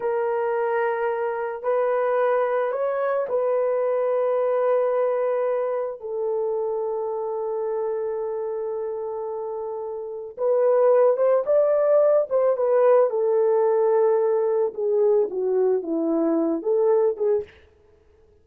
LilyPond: \new Staff \with { instrumentName = "horn" } { \time 4/4 \tempo 4 = 110 ais'2. b'4~ | b'4 cis''4 b'2~ | b'2. a'4~ | a'1~ |
a'2. b'4~ | b'8 c''8 d''4. c''8 b'4 | a'2. gis'4 | fis'4 e'4. a'4 gis'8 | }